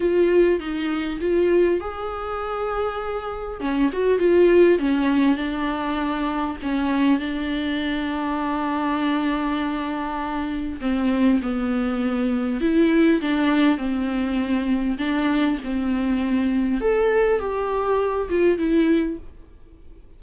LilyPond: \new Staff \with { instrumentName = "viola" } { \time 4/4 \tempo 4 = 100 f'4 dis'4 f'4 gis'4~ | gis'2 cis'8 fis'8 f'4 | cis'4 d'2 cis'4 | d'1~ |
d'2 c'4 b4~ | b4 e'4 d'4 c'4~ | c'4 d'4 c'2 | a'4 g'4. f'8 e'4 | }